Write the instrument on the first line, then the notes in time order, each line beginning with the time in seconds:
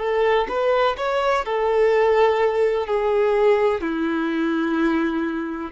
violin
0.00 A4
0.49 B4
0.98 C#5
1.45 A4
2.87 G#4
3.81 E4